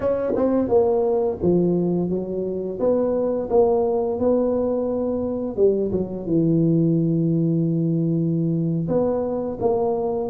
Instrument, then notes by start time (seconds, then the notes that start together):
tuba
0.00 C#4
0.35 C4
0.68 A#3
1.42 F3
2.09 F#3
2.79 B3
3.49 A#3
4.19 B3
5.56 G3
5.91 F#3
6.25 E3
8.88 B3
9.59 A#3